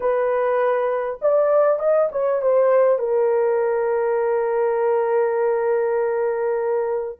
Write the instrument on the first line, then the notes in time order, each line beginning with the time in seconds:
horn
0.00 B4
1.21 D5
1.79 D#5
2.11 C#5
2.41 C5
2.98 A#4